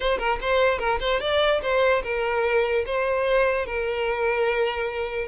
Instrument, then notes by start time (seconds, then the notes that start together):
violin
0.00 C5
0.18 A#4
0.41 C5
0.79 A#4
1.00 C5
1.20 D5
1.62 C5
2.03 A#4
2.86 C5
3.65 A#4